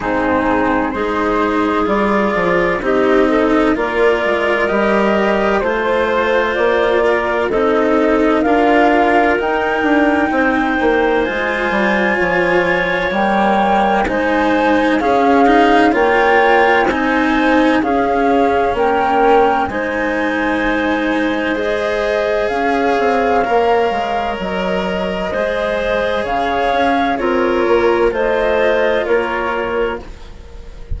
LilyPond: <<
  \new Staff \with { instrumentName = "flute" } { \time 4/4 \tempo 4 = 64 gis'4 c''4 d''4 dis''4 | d''4 dis''4 c''4 d''4 | dis''4 f''4 g''2 | gis''2 g''4 gis''4 |
f''4 g''4 gis''4 f''4 | g''4 gis''2 dis''4 | f''2 dis''2 | f''4 cis''4 dis''4 cis''4 | }
  \new Staff \with { instrumentName = "clarinet" } { \time 4/4 dis'4 gis'2 g'8 a'8 | ais'2 c''4. ais'8 | a'4 ais'2 c''4~ | c''4 cis''2 c''4 |
gis'4 cis''4 c''4 gis'4 | ais'4 c''2. | cis''2. c''4 | cis''4 f'4 c''4 ais'4 | }
  \new Staff \with { instrumentName = "cello" } { \time 4/4 c'4 dis'4 f'4 dis'4 | f'4 g'4 f'2 | dis'4 f'4 dis'2 | f'2 ais4 dis'4 |
cis'8 dis'8 f'4 dis'4 cis'4~ | cis'4 dis'2 gis'4~ | gis'4 ais'2 gis'4~ | gis'4 ais'4 f'2 | }
  \new Staff \with { instrumentName = "bassoon" } { \time 4/4 gis,4 gis4 g8 f8 c'4 | ais8 gis8 g4 a4 ais4 | c'4 d'4 dis'8 d'8 c'8 ais8 | gis8 g8 f4 g4 gis4 |
cis'4 ais4 c'4 cis'4 | ais4 gis2. | cis'8 c'8 ais8 gis8 fis4 gis4 | cis8 cis'8 c'8 ais8 a4 ais4 | }
>>